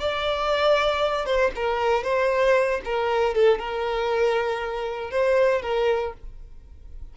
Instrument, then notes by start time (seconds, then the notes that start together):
violin
0.00 D5
1.26 C5
1.55 A#4
2.04 C5
2.85 A#4
3.34 A4
3.59 A#4
5.10 C5
5.62 A#4